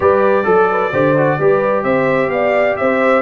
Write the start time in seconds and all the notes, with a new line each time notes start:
0.00 G3 G4 B4 D5
0.43 F#3 A4
0.71 B4
0.92 D3 G4 C5
1.17 F#4
1.39 G3 G4 B4
1.83 C4 C5 E5
2.28 B3 D5 F5
2.76 C4 C5 E5